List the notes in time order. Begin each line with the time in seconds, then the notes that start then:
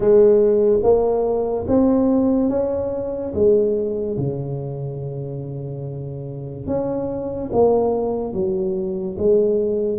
0.00 G#3
0.83 A#3
1.67 C4
2.49 C#4
3.34 G#3
4.17 C#3
6.66 C#4
7.52 A#3
8.33 F#3
9.18 G#3